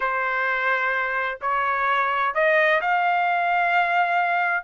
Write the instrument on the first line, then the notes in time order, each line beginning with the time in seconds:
trumpet
0.00 C5
1.41 C#5
2.34 D#5
2.81 F5